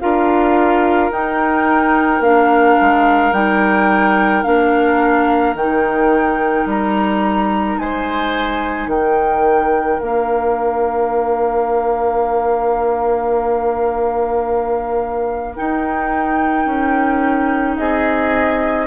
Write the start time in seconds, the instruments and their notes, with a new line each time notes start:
0.00 bassoon D4, clarinet F4, oboe A#4, flute F5
1.10 bassoon D#4, clarinet D#4, flute G5
2.20 bassoon A#3, clarinet D4, flute F5
2.81 bassoon G#3
3.32 bassoon G3, clarinet D#4, flute G5
4.43 bassoon A#3, clarinet D4, flute F5
5.54 bassoon D#3, clarinet D#4, flute G5
6.66 bassoon G3, flute A#5
7.78 bassoon G#3, oboe C5, flute G#5
8.87 bassoon D#3, oboe A#4, flute G5
10.00 bassoon A#3, clarinet D4, flute F5
15.56 clarinet D#4, bassoon D#4, flute G5
16.66 bassoon C#4
17.77 bassoon C4, oboe G#4, flute D#5